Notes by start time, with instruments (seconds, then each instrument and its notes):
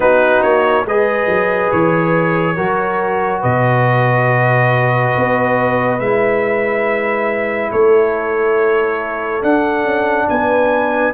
0.00 tuba B3, trombone D#4, horn F#4, trumpet B4
0.42 tuba A#3, trumpet C#5
0.84 tuba G#3, trombone G#4, horn B4, trumpet D#5
1.27 tuba F#3
1.71 tuba E3, trumpet C#5
2.55 tuba F#3, trombone F#4, horn A#4
3.41 tuba B2, horn B4, trumpet D#5
5.16 tuba B3
5.99 tuba G#3, trombone E4, trumpet E5
7.71 tuba A3, horn A4, trumpet C#5
9.42 trombone D4, tuba D4, trumpet F#5
9.84 tuba C#4
10.29 tuba B3, horn B4, trumpet G#5